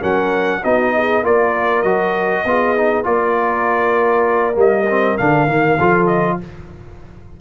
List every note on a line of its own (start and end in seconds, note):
0.00 0.63 F#3
0.00 0.62 C#4
0.00 0.61 A#4
0.00 0.64 F#5
0.63 1.23 B3
0.63 1.24 D#4
0.63 0.94 F#4
0.63 1.25 D#5
0.96 1.23 G#4
1.23 1.84 A#3
1.23 1.85 F4
1.23 2.44 A#4
1.23 1.83 D5
1.83 2.45 F#3
1.83 2.46 F#4
1.83 3.04 D#5
2.45 3.06 B3
2.45 2.78 F4
2.45 3.08 G#4
2.78 3.04 D#4
3.04 4.56 A#3
3.04 4.55 F4
3.04 5.77 A#4
3.04 4.57 D5
4.55 5.17 G3
4.55 4.85 A#3
4.55 5.18 D#5
4.90 5.19 C4
5.18 5.47 D3
5.18 5.48 D4
5.18 6.07 F5
5.47 5.78 D#3
5.47 5.79 A#3
5.77 6.40 F3
5.77 6.41 F4
5.77 6.37 A4
6.07 6.37 D#5